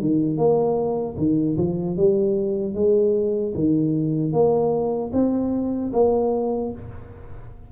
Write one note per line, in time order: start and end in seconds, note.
0.00 0.37 D#3
0.37 1.16 A#3
1.17 1.56 D#3
1.57 1.96 F3
1.96 2.74 G3
2.74 3.53 G#3
3.54 4.32 D#3
4.32 5.11 A#3
5.12 5.91 C4
5.92 6.71 A#3